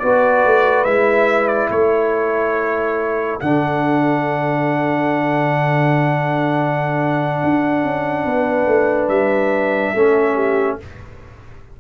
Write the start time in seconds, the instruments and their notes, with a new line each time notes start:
0.00 tuba B3, trombone F#4, horn B4, trumpet D5
0.45 tuba A3
0.85 tuba G#3, trombone E4, trumpet E5
1.48 trumpet D5
1.70 tuba A3, horn A4, trumpet C#5
3.40 tuba D3, trombone D4, trumpet F#5
7.43 tuba D4
7.84 tuba C#4
8.25 tuba B3, horn B4
8.66 tuba A3
9.08 tuba G3, trumpet E5
9.94 tuba A3, trombone C#4, horn A4
10.35 horn G4